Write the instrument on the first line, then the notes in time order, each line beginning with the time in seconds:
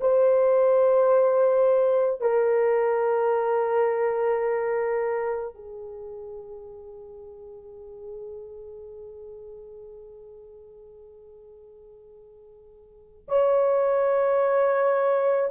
horn
0.00 C5
2.21 A#4
5.54 G#4
13.28 C#5